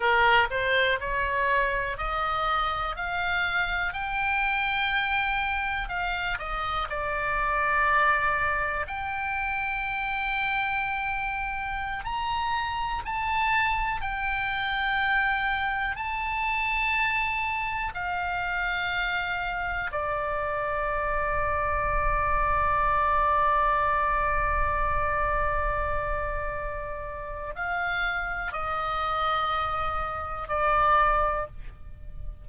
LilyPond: \new Staff \with { instrumentName = "oboe" } { \time 4/4 \tempo 4 = 61 ais'8 c''8 cis''4 dis''4 f''4 | g''2 f''8 dis''8 d''4~ | d''4 g''2.~ | g''16 ais''4 a''4 g''4.~ g''16~ |
g''16 a''2 f''4.~ f''16~ | f''16 d''2.~ d''8.~ | d''1 | f''4 dis''2 d''4 | }